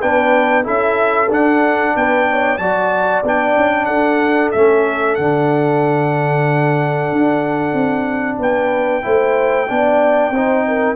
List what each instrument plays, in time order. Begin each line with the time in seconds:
0.00 tuba B3, trombone D4, horn B4, trumpet G5
0.64 tuba C#4, trombone E4, horn A4, trumpet E5
1.30 tuba D4, trombone D4, trumpet F#5
1.96 tuba B3, horn B4, trumpet G5
2.30 horn C#5
2.58 tuba F#3, trombone F#4, horn D5, trumpet A5
3.24 tuba B3, trombone D4, trumpet G5
3.57 tuba C#4
3.86 tuba D4, horn A4, trumpet F#5
4.52 tuba A3, trombone C#4, trumpet E5
5.16 tuba D3, trombone D4, trumpet F#5
7.12 tuba D4
7.74 tuba C4
8.40 tuba B3, horn B4, trumpet G5
9.03 tuba A3, trombone E4, horn C5
9.68 tuba B3, trombone D4, horn D5
10.31 tuba C4, horn C5
10.37 trombone D#4
10.68 horn A#4